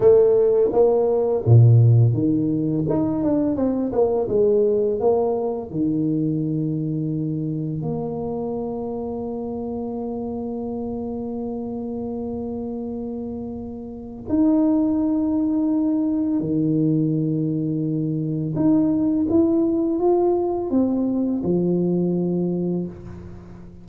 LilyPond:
\new Staff \with { instrumentName = "tuba" } { \time 4/4 \tempo 4 = 84 a4 ais4 ais,4 dis4 | dis'8 d'8 c'8 ais8 gis4 ais4 | dis2. ais4~ | ais1~ |
ais1 | dis'2. dis4~ | dis2 dis'4 e'4 | f'4 c'4 f2 | }